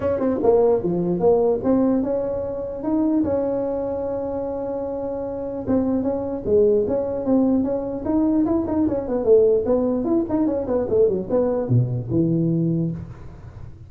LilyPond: \new Staff \with { instrumentName = "tuba" } { \time 4/4 \tempo 4 = 149 cis'8 c'8 ais4 f4 ais4 | c'4 cis'2 dis'4 | cis'1~ | cis'2 c'4 cis'4 |
gis4 cis'4 c'4 cis'4 | dis'4 e'8 dis'8 cis'8 b8 a4 | b4 e'8 dis'8 cis'8 b8 a8 fis8 | b4 b,4 e2 | }